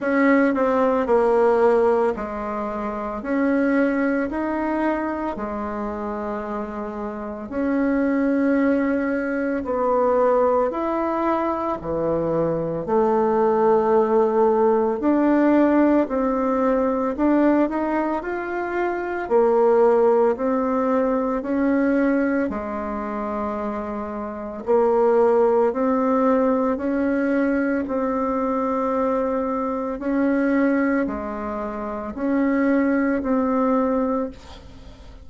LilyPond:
\new Staff \with { instrumentName = "bassoon" } { \time 4/4 \tempo 4 = 56 cis'8 c'8 ais4 gis4 cis'4 | dis'4 gis2 cis'4~ | cis'4 b4 e'4 e4 | a2 d'4 c'4 |
d'8 dis'8 f'4 ais4 c'4 | cis'4 gis2 ais4 | c'4 cis'4 c'2 | cis'4 gis4 cis'4 c'4 | }